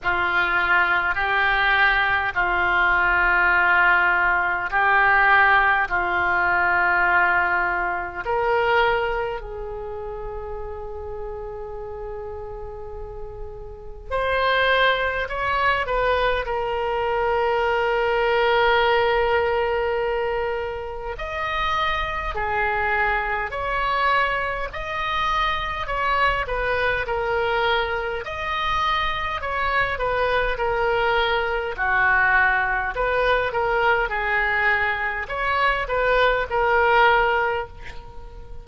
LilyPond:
\new Staff \with { instrumentName = "oboe" } { \time 4/4 \tempo 4 = 51 f'4 g'4 f'2 | g'4 f'2 ais'4 | gis'1 | c''4 cis''8 b'8 ais'2~ |
ais'2 dis''4 gis'4 | cis''4 dis''4 cis''8 b'8 ais'4 | dis''4 cis''8 b'8 ais'4 fis'4 | b'8 ais'8 gis'4 cis''8 b'8 ais'4 | }